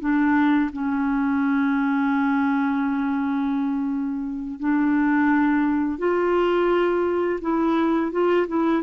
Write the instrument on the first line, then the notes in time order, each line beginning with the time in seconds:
clarinet
0.00 D4
0.73 C#4
4.60 D4
5.99 F4
7.41 E4
8.12 F4
8.48 E4